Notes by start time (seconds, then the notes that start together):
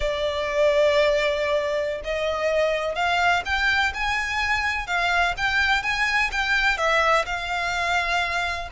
0.00 D5
2.03 D#5
2.95 F5
3.45 G5
3.94 G#5
4.86 F5
5.37 G5
5.82 G#5
6.31 G5
6.77 E5
7.25 F5